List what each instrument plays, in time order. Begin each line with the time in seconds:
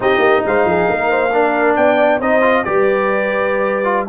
0.00 tuba C4, trombone D#4, horn G4, trumpet D#5
0.18 tuba A#3
0.45 tuba G#3, horn C5, trumpet F5
0.65 tuba F3, horn G#4
0.89 tuba A#3, horn A#4
1.10 horn C5
1.32 trombone D4, horn A#4
1.76 tuba B3, horn D5, trumpet G5
2.19 tuba C4, trombone D#4, horn C5, trumpet D#5
2.41 trombone F4
2.64 tuba G3, trombone G4, horn B4, trumpet D5
3.84 trombone F4